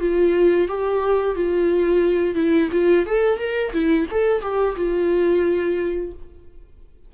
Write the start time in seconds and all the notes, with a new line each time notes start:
0.00 F4
0.68 G4
1.35 F4
2.35 E4
2.71 F4
3.06 A4
3.38 A#4
3.73 E4
4.11 A4
4.42 G4
4.76 F4